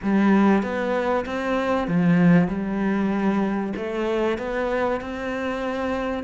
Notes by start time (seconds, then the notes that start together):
0.02 G3
0.62 B3
1.25 C4
1.87 F3
2.48 G3
3.76 A3
4.38 B3
5.01 C4